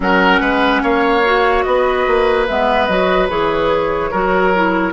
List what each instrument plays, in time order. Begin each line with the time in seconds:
0.00 bassoon F#3, clarinet C#4, oboe A#4, flute F#5
0.40 bassoon G#3, oboe B4
0.82 bassoon A#3, oboe C#5, flute F5
1.24 clarinet F#4
1.63 bassoon B3, oboe B4, flute D#5
2.07 bassoon A#3
2.48 bassoon G#3, clarinet B3, flute E5
2.86 bassoon F#3, clarinet F#4, flute D#5
3.29 bassoon E3, clarinet G#4, flute C#5
4.10 bassoon F#3, clarinet F#4, oboe A#4
4.54 clarinet E4